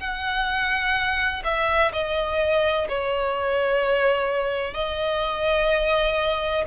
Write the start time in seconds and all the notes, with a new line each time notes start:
0.00 F#5
1.44 E5
1.93 D#5
2.89 C#5
4.74 D#5